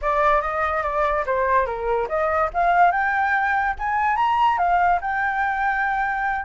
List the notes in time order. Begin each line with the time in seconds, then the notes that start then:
0.01 D5
0.41 D#5
0.83 D5
1.25 C5
1.66 A#4
2.08 D#5
2.53 F5
2.91 G5
3.78 G#5
4.16 A#5
4.58 F5
5.01 G5